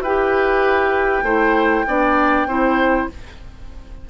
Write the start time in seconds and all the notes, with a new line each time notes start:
0.00 E4 G4 B4 G5
1.22 A3 E4 C5
1.87 B3 D4 D5
2.47 C4 E4 C5